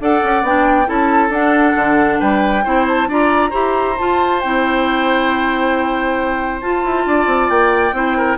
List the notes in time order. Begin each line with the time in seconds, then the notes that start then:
0.00 D4 A4 D5 F#5
0.23 C#4
0.43 B3 D4 G5
0.86 C#4 E4 A4 A5
1.30 D4 F#5
1.76 D3
2.20 G3 B4 G5
2.64 C4 E4 C5
2.88 A5
3.08 D4 F4 D5 A#5
3.51 E4 G4 C5
3.98 F4 A5
4.41 C4 E4 G5
6.61 F4 A5
6.85 E4
7.06 D4 D5
7.26 C4
7.49 A#3 G5
7.92 C4 E4 C5
8.18 A#4